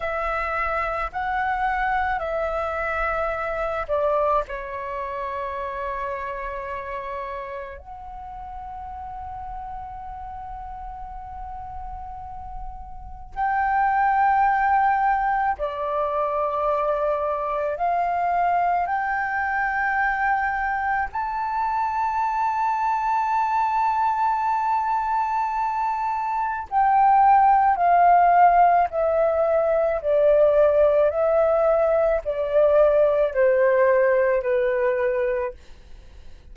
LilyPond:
\new Staff \with { instrumentName = "flute" } { \time 4/4 \tempo 4 = 54 e''4 fis''4 e''4. d''8 | cis''2. fis''4~ | fis''1 | g''2 d''2 |
f''4 g''2 a''4~ | a''1 | g''4 f''4 e''4 d''4 | e''4 d''4 c''4 b'4 | }